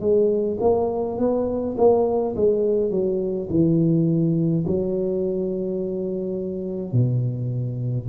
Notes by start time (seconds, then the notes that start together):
0.00 G#3
0.60 A#3
1.18 B3
1.77 A#3
2.35 G#3
2.91 F#3
3.49 E3
4.66 F#3
6.92 B2